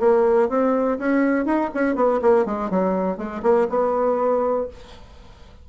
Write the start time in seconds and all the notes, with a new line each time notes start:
0.00 A#3
0.49 C4
0.98 C#4
1.46 D#4
1.74 C#4
1.96 B3
2.22 A#3
2.46 G#3
2.70 F#3
3.17 G#3
3.43 A#3
3.70 B3